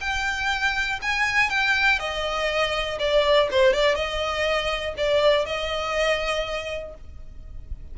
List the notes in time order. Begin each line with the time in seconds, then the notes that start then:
0.00 G5
1.02 G#5
1.49 G5
1.99 D#5
2.99 D5
3.51 C5
3.73 D5
3.95 D#5
4.97 D5
5.45 D#5